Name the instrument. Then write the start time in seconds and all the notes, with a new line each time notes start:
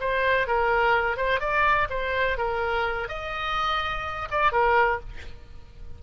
oboe
0.00 C5
0.47 A#4
1.17 C5
1.41 D5
1.90 C5
2.38 A#4
3.09 D#5
4.31 D5
4.52 A#4